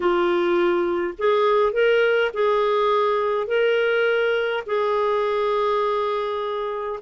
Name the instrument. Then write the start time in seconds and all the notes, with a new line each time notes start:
clarinet
0.00 F4
1.18 G#4
1.72 A#4
2.33 G#4
3.47 A#4
4.66 G#4